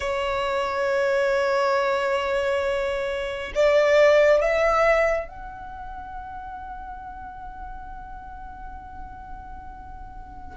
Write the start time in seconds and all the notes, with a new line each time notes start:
0.00 C#5
3.55 D5
4.41 E5
5.28 F#5